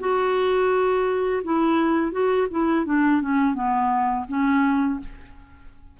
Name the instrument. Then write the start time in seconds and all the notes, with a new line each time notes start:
clarinet
0.00 F#4
1.44 E4
2.12 F#4
2.51 E4
2.86 D4
3.22 C#4
3.55 B3
4.29 C#4